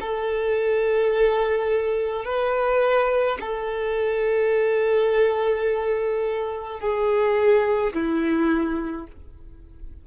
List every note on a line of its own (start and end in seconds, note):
0.00 2.24 A4
2.24 3.38 B4
3.40 6.79 A4
6.79 7.92 G#4
7.93 9.07 E4